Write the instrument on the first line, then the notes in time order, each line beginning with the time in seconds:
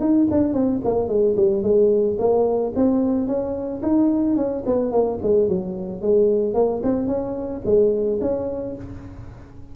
tuba
0.00 D#4
0.31 D4
0.53 C4
0.84 A#3
1.08 G#3
1.36 G3
1.63 G#3
2.19 A#3
2.75 C4
3.27 C#4
3.82 D#4
4.36 C#4
4.66 B3
4.91 A#3
5.22 G#3
5.48 F#3
6.01 G#3
6.54 A#3
6.83 C4
7.07 C#4
7.65 G#3
8.21 C#4